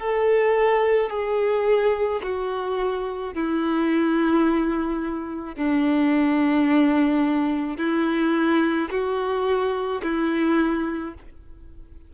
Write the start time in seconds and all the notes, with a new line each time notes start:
0.00 A4
1.10 G#4
2.23 F#4
3.34 E4
5.56 D4
7.78 E4
8.91 F#4
10.03 E4